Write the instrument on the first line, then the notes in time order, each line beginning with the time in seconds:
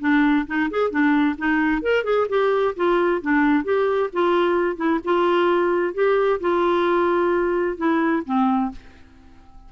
clarinet
0.00 D4
0.47 D#4
0.70 G#4
0.90 D4
1.38 D#4
1.82 A#4
2.04 G#4
2.29 G4
2.76 F4
3.22 D4
3.64 G4
4.13 F4
4.77 E4
5.04 F4
5.94 G4
6.40 F4
7.77 E4
8.26 C4